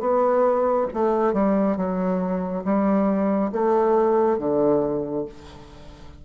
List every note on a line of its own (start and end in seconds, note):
0.00 0.87 B3
0.94 1.34 A3
1.34 1.77 G3
1.77 2.64 F#3
2.65 3.52 G3
3.52 4.39 A3
4.39 5.26 D3